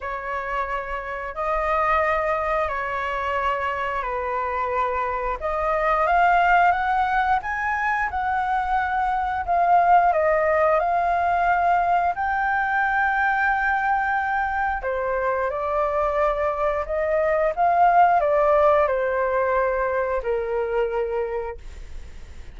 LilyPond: \new Staff \with { instrumentName = "flute" } { \time 4/4 \tempo 4 = 89 cis''2 dis''2 | cis''2 b'2 | dis''4 f''4 fis''4 gis''4 | fis''2 f''4 dis''4 |
f''2 g''2~ | g''2 c''4 d''4~ | d''4 dis''4 f''4 d''4 | c''2 ais'2 | }